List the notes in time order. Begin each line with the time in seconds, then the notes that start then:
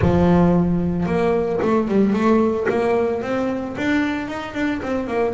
0.01 F3
1.06 A#3
1.61 A3
1.87 G3
2.13 A3
2.69 A#3
3.22 C4
3.77 D4
4.28 D#4
4.54 D4
4.82 C4
5.07 A#3